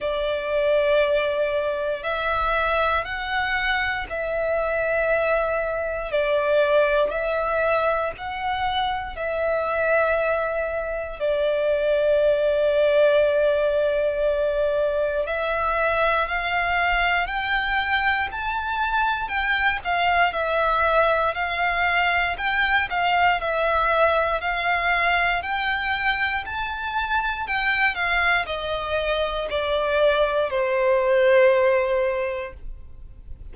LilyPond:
\new Staff \with { instrumentName = "violin" } { \time 4/4 \tempo 4 = 59 d''2 e''4 fis''4 | e''2 d''4 e''4 | fis''4 e''2 d''4~ | d''2. e''4 |
f''4 g''4 a''4 g''8 f''8 | e''4 f''4 g''8 f''8 e''4 | f''4 g''4 a''4 g''8 f''8 | dis''4 d''4 c''2 | }